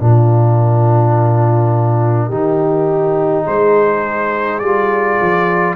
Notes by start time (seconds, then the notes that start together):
0.00 A#2 D4 F4 A#4
2.29 D#3 D#4 G4
3.46 G#3 G#4 C5
4.59 G3 F4 D5
5.21 F3